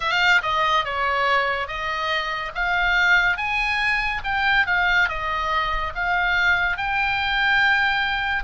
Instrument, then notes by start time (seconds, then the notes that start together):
oboe
0.00 F5
0.42 D#5
0.85 C#5
1.67 D#5
2.54 F5
3.37 G#5
4.24 G5
4.66 F5
5.08 D#5
5.95 F5
6.77 G5